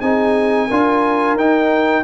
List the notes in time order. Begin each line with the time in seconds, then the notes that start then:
0.00 C4 D#4 G#4 G#5
0.67 D4 F4 A#4
1.35 D#4 G5